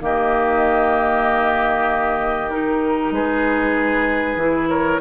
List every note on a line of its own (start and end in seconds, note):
0.00 3.12 D#3
0.00 2.50 A#3
0.00 3.14 G4
0.00 2.51 D#5
2.51 4.39 D#4
2.51 3.14 A#4
3.12 4.37 G#3
3.12 4.70 G#4
3.12 4.69 B4
4.37 4.99 E3
4.37 5.01 E4
4.69 5.01 A#4
4.69 5.01 C#5